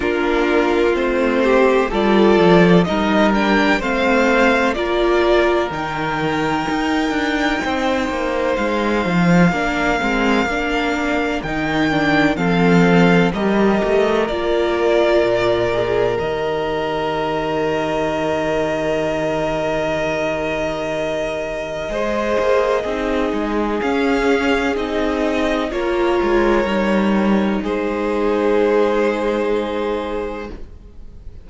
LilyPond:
<<
  \new Staff \with { instrumentName = "violin" } { \time 4/4 \tempo 4 = 63 ais'4 c''4 d''4 dis''8 g''8 | f''4 d''4 g''2~ | g''4 f''2. | g''4 f''4 dis''4 d''4~ |
d''4 dis''2.~ | dis''1~ | dis''4 f''4 dis''4 cis''4~ | cis''4 c''2. | }
  \new Staff \with { instrumentName = "violin" } { \time 4/4 f'4. g'8 a'4 ais'4 | c''4 ais'2. | c''2 ais'2~ | ais'4 a'4 ais'2~ |
ais'1~ | ais'2. c''4 | gis'2. ais'4~ | ais'4 gis'2. | }
  \new Staff \with { instrumentName = "viola" } { \time 4/4 d'4 c'4 f'4 dis'8 d'8 | c'4 f'4 dis'2~ | dis'2 d'8 c'8 d'4 | dis'8 d'8 c'4 g'4 f'4~ |
f'8 gis'8 g'2.~ | g'2. gis'4 | dis'4 cis'4 dis'4 f'4 | dis'1 | }
  \new Staff \with { instrumentName = "cello" } { \time 4/4 ais4 a4 g8 f8 g4 | a4 ais4 dis4 dis'8 d'8 | c'8 ais8 gis8 f8 ais8 gis8 ais4 | dis4 f4 g8 a8 ais4 |
ais,4 dis2.~ | dis2. gis8 ais8 | c'8 gis8 cis'4 c'4 ais8 gis8 | g4 gis2. | }
>>